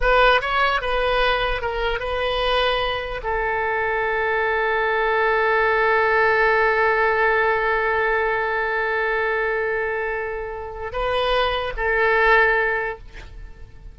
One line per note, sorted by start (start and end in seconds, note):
0.01 0.41 B4
0.41 0.81 C#5
0.81 1.61 B4
1.61 1.99 A#4
1.99 3.21 B4
3.23 10.92 A4
10.92 11.73 B4
11.77 12.98 A4